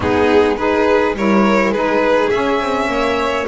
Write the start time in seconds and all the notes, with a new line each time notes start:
0.00 G#3 B3 D#4 G#4
0.56 D#4 G#4 B4
1.15 G3 E4 A#4 C#5
1.69 G#3 D#4 G#4 B4
2.29 C#4 E5
2.60 C4
2.87 A#3 C#5